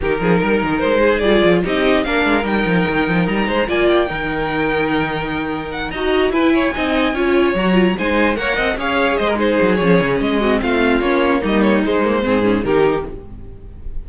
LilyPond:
<<
  \new Staff \with { instrumentName = "violin" } { \time 4/4 \tempo 4 = 147 ais'2 c''4 d''4 | dis''4 f''4 g''2 | ais''4 gis''8 g''2~ g''8~ | g''2 fis''8 ais''4 gis''8~ |
gis''2~ gis''8 ais''4 gis''8~ | gis''8 fis''4 f''4 dis''8 c''4 | cis''4 dis''4 f''4 cis''4 | dis''8 cis''8 c''2 ais'4 | }
  \new Staff \with { instrumentName = "violin" } { \time 4/4 g'8 gis'8 ais'4. gis'4. | g'4 ais'2.~ | ais'8 c''8 d''4 ais'2~ | ais'2~ ais'8 dis''4 b'8 |
cis''8 dis''4 cis''2 c''8~ | c''8 cis''8 dis''8 cis''4 c''16 ais'16 gis'4~ | gis'4. fis'8 f'2 | dis'2 gis'4 g'4 | }
  \new Staff \with { instrumentName = "viola" } { \time 4/4 dis'2. f'4 | dis'4 d'4 dis'2~ | dis'4 f'4 dis'2~ | dis'2~ dis'8 fis'4 e'8~ |
e'8 dis'4 f'4 fis'8 f'8 dis'8~ | dis'8 ais'4 gis'4. dis'4 | cis'4. c'4. cis'4 | ais4 gis8 ais8 c'8 cis'8 dis'4 | }
  \new Staff \with { instrumentName = "cello" } { \time 4/4 dis8 f8 g8 dis8 gis4 g8 f8 | c'4 ais8 gis8 g8 f8 dis8 f8 | g8 gis8 ais4 dis2~ | dis2~ dis8 dis'4 e'8~ |
e'8 c'4 cis'4 fis4 gis8~ | gis8 ais8 c'8 cis'4 gis4 fis8 | f8 cis8 gis4 a4 ais4 | g4 gis4 gis,4 dis4 | }
>>